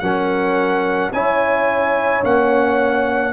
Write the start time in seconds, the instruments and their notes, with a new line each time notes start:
0.00 tuba F#3, trombone C#4, horn A#4, trumpet F#5
1.12 tuba C#4, trombone E4, horn C#5, trumpet G#5
2.24 tuba A#3, trombone C#4, trumpet F#5